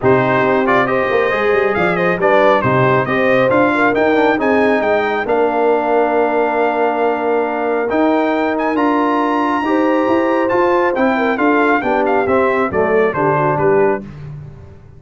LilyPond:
<<
  \new Staff \with { instrumentName = "trumpet" } { \time 4/4 \tempo 4 = 137 c''4. d''8 dis''2 | f''8 dis''8 d''4 c''4 dis''4 | f''4 g''4 gis''4 g''4 | f''1~ |
f''2 g''4. gis''8 | ais''1 | a''4 g''4 f''4 g''8 f''8 | e''4 d''4 c''4 b'4 | }
  \new Staff \with { instrumentName = "horn" } { \time 4/4 g'2 c''2 | d''8 c''8 b'4 g'4 c''4~ | c''8 ais'4. gis'4 dis''4 | ais'1~ |
ais'1~ | ais'2 c''2~ | c''4. ais'8 a'4 g'4~ | g'4 a'4 g'8 fis'8 g'4 | }
  \new Staff \with { instrumentName = "trombone" } { \time 4/4 dis'4. f'8 g'4 gis'4~ | gis'4 d'4 dis'4 g'4 | f'4 dis'8 d'8 dis'2 | d'1~ |
d'2 dis'2 | f'2 g'2 | f'4 e'4 f'4 d'4 | c'4 a4 d'2 | }
  \new Staff \with { instrumentName = "tuba" } { \time 4/4 c4 c'4. ais8 gis8 g8 | f4 g4 c4 c'4 | d'4 dis'4 c'4 gis4 | ais1~ |
ais2 dis'2 | d'2 dis'4 e'4 | f'4 c'4 d'4 b4 | c'4 fis4 d4 g4 | }
>>